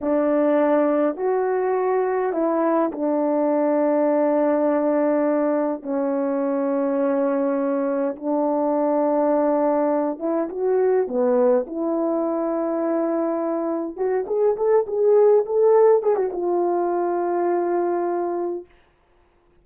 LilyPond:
\new Staff \with { instrumentName = "horn" } { \time 4/4 \tempo 4 = 103 d'2 fis'2 | e'4 d'2.~ | d'2 cis'2~ | cis'2 d'2~ |
d'4. e'8 fis'4 b4 | e'1 | fis'8 gis'8 a'8 gis'4 a'4 gis'16 fis'16 | f'1 | }